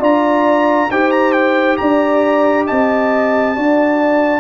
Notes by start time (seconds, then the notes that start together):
0.00 D4 F4 D5 A#5
0.89 D#4 G4 C5 G5
1.11 A#5
1.32 G5
1.77 D4 D5 A#5
2.67 C4 D#5 A5
3.55 D4 F#4 D5